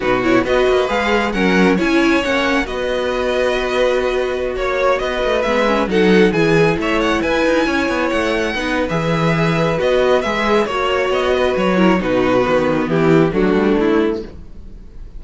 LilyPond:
<<
  \new Staff \with { instrumentName = "violin" } { \time 4/4 \tempo 4 = 135 b'8 cis''8 dis''4 f''4 fis''4 | gis''4 fis''4 dis''2~ | dis''2~ dis''16 cis''4 dis''8.~ | dis''16 e''4 fis''4 gis''4 e''8 fis''16~ |
fis''16 gis''2 fis''4.~ fis''16 | e''2 dis''4 e''4 | cis''4 dis''4 cis''4 b'4~ | b'4 g'4 fis'4 e'4 | }
  \new Staff \with { instrumentName = "violin" } { \time 4/4 fis'4 b'2 ais'4 | cis''2 b'2~ | b'2~ b'16 cis''4 b'8.~ | b'4~ b'16 a'4 gis'4 cis''8.~ |
cis''16 b'4 cis''2 b'8.~ | b'1 | cis''4. b'4 ais'8 fis'4~ | fis'4 e'4 d'2 | }
  \new Staff \with { instrumentName = "viola" } { \time 4/4 dis'8 e'8 fis'4 gis'4 cis'4 | e'4 cis'4 fis'2~ | fis'1~ | fis'16 b8 cis'8 dis'4 e'4.~ e'16~ |
e'2.~ e'16 dis'8. | gis'2 fis'4 gis'4 | fis'2~ fis'8 e'8 dis'4 | b2 a2 | }
  \new Staff \with { instrumentName = "cello" } { \time 4/4 b,4 b8 ais8 gis4 fis4 | cis'4 ais4 b2~ | b2~ b16 ais4 b8 a16~ | a16 gis4 fis4 e4 a8.~ |
a16 e'8 dis'8 cis'8 b8 a4 b8. | e2 b4 gis4 | ais4 b4 fis4 b,4 | dis4 e4 fis8 g8 a4 | }
>>